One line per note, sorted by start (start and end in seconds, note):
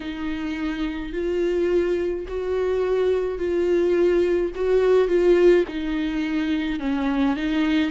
0.00 1.12 D#4
1.12 2.25 F4
2.27 3.38 F#4
3.38 4.51 F4
4.55 5.07 F#4
5.07 5.64 F4
5.68 6.79 D#4
6.79 7.36 C#4
7.36 7.90 D#4